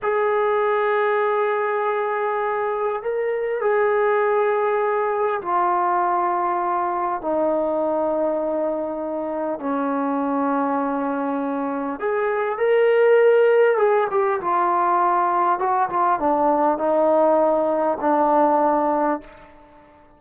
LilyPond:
\new Staff \with { instrumentName = "trombone" } { \time 4/4 \tempo 4 = 100 gis'1~ | gis'4 ais'4 gis'2~ | gis'4 f'2. | dis'1 |
cis'1 | gis'4 ais'2 gis'8 g'8 | f'2 fis'8 f'8 d'4 | dis'2 d'2 | }